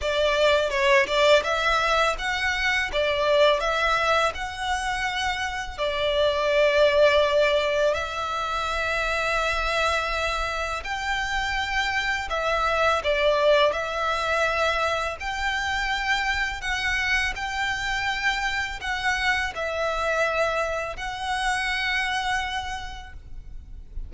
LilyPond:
\new Staff \with { instrumentName = "violin" } { \time 4/4 \tempo 4 = 83 d''4 cis''8 d''8 e''4 fis''4 | d''4 e''4 fis''2 | d''2. e''4~ | e''2. g''4~ |
g''4 e''4 d''4 e''4~ | e''4 g''2 fis''4 | g''2 fis''4 e''4~ | e''4 fis''2. | }